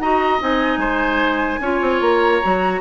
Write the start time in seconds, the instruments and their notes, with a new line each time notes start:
0.00 bassoon D#4, clarinet F#4, oboe D#5, flute A#5
0.40 bassoon C4, clarinet D#4, flute G#5
0.78 bassoon G#3, oboe C5
1.60 bassoon C#4, clarinet F4, oboe C#5
1.82 bassoon C4
2.01 bassoon A#3, flute A#5
2.43 bassoon F#3, clarinet F#4